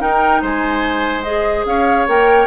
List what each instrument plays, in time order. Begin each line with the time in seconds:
0.00 clarinet D#4, bassoon D#4, oboe A#4, flute G5
0.42 bassoon G#3, oboe C5, flute G#5
1.23 clarinet G#4, flute D#5
1.65 bassoon C#4, oboe C#5, flute F5
2.08 bassoon A#3, clarinet A#4, flute G5